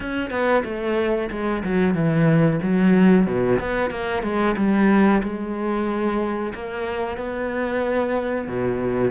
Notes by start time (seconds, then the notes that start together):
0.00 C#4
0.30 B3
0.64 A3
1.30 G#3
1.64 F#3
1.94 E3
2.62 F#3
3.26 B2
3.59 B3
3.90 A#3
4.22 G#3
4.57 G3
5.22 G#3
6.54 A#3
7.17 B3
8.47 B2